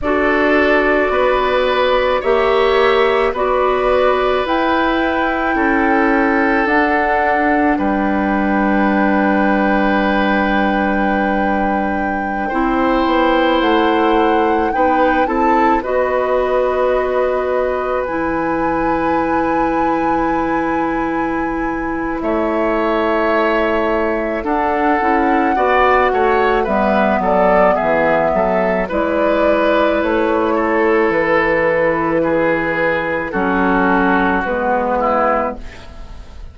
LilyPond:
<<
  \new Staff \with { instrumentName = "flute" } { \time 4/4 \tempo 4 = 54 d''2 e''4 d''4 | g''2 fis''4 g''4~ | g''1~ | g''16 fis''4 g''8 a''8 dis''4.~ dis''16~ |
dis''16 gis''2.~ gis''8. | e''2 fis''2 | e''8 d''8 e''4 d''4 cis''4 | b'2 a'4 b'4 | }
  \new Staff \with { instrumentName = "oboe" } { \time 4/4 a'4 b'4 cis''4 b'4~ | b'4 a'2 b'4~ | b'2.~ b'16 c''8.~ | c''4~ c''16 b'8 a'8 b'4.~ b'16~ |
b'1 | cis''2 a'4 d''8 cis''8 | b'8 a'8 gis'8 a'8 b'4. a'8~ | a'4 gis'4 fis'4. e'8 | }
  \new Staff \with { instrumentName = "clarinet" } { \time 4/4 fis'2 g'4 fis'4 | e'2 d'2~ | d'2.~ d'16 e'8.~ | e'4~ e'16 dis'8 e'8 fis'4.~ fis'16~ |
fis'16 e'2.~ e'8.~ | e'2 d'8 e'8 fis'4 | b2 e'2~ | e'2 cis'4 b4 | }
  \new Staff \with { instrumentName = "bassoon" } { \time 4/4 d'4 b4 ais4 b4 | e'4 cis'4 d'4 g4~ | g2.~ g16 c'8 b16~ | b16 a4 b8 c'8 b4.~ b16~ |
b16 e2.~ e8. | a2 d'8 cis'8 b8 a8 | g8 fis8 e8 fis8 gis4 a4 | e2 fis4 gis4 | }
>>